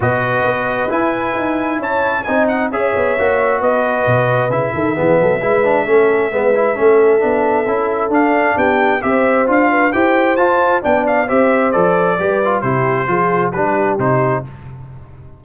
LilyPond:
<<
  \new Staff \with { instrumentName = "trumpet" } { \time 4/4 \tempo 4 = 133 dis''2 gis''2 | a''4 gis''8 fis''8 e''2 | dis''2 e''2~ | e''1~ |
e''2 f''4 g''4 | e''4 f''4 g''4 a''4 | g''8 f''8 e''4 d''2 | c''2 b'4 c''4 | }
  \new Staff \with { instrumentName = "horn" } { \time 4/4 b'1 | cis''4 dis''4 cis''2 | b'2~ b'8 a'8 gis'8 a'8 | b'4 a'4 b'4 a'4~ |
a'2. g'4 | c''4. b'8 c''2 | d''4 c''2 b'4 | g'4 gis'4 g'2 | }
  \new Staff \with { instrumentName = "trombone" } { \time 4/4 fis'2 e'2~ | e'4 dis'4 gis'4 fis'4~ | fis'2 e'4 b4 | e'8 d'8 cis'4 b8 e'8 cis'4 |
d'4 e'4 d'2 | g'4 f'4 g'4 f'4 | d'4 g'4 a'4 g'8 f'8 | e'4 f'4 d'4 dis'4 | }
  \new Staff \with { instrumentName = "tuba" } { \time 4/4 b,4 b4 e'4 dis'4 | cis'4 c'4 cis'8 b8 ais4 | b4 b,4 cis8 dis8 e8 fis8 | gis4 a4 gis4 a4 |
b4 cis'4 d'4 b4 | c'4 d'4 e'4 f'4 | b4 c'4 f4 g4 | c4 f4 g4 c4 | }
>>